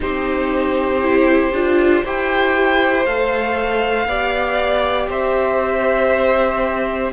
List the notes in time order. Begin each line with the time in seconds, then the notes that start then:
0.00 C4 D#4 G4 C5
1.01 E4
1.52 D4 F4
2.03 E4 G4 C5 G5
3.05 A3 A4 F5
4.06 B3 G4 D5
5.09 C4 C5 E5